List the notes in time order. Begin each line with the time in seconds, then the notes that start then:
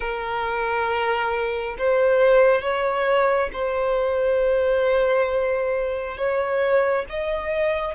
0.00 A#4
1.78 C5
2.61 C#5
3.52 C5
6.17 C#5
7.09 D#5